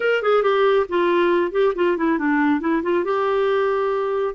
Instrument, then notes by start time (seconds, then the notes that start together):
clarinet
0.00 A#4
0.22 G#4
0.42 G4
0.88 F4
1.51 G4
1.75 F4
1.97 E4
2.18 D4
2.60 E4
2.83 F4
3.04 G4